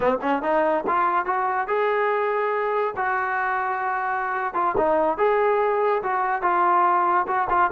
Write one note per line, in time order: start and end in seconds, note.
0.00 0.18 C4
0.21 0.42 C#4
0.42 0.84 D#4
0.87 1.25 F4
1.25 1.67 F#4
1.67 2.94 G#4
2.96 4.54 F#4
4.54 4.75 F4
4.77 5.17 D#4
5.17 6.02 G#4
6.02 6.41 F#4
6.41 7.26 F4
7.27 7.48 F#4
7.49 7.70 F4